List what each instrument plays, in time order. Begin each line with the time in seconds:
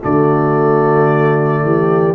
0.00 tuba D3, trombone A3, horn F#4, trumpet D5
1.63 tuba E3, horn G4